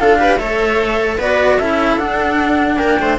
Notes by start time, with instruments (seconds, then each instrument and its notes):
0.00 cello D4 F4, viola A4, flute F5
0.18 cello G4, viola B4
0.38 cello A3 A4, viola C#5, flute E5
1.18 cello B3 F#4, viola B4, flute D5
1.59 cello C#4 E4, viola A4, flute E5
1.98 cello D4, flute F#5
2.78 cello A#3, viola A#4, flute G5
3.00 cello A3, viola C5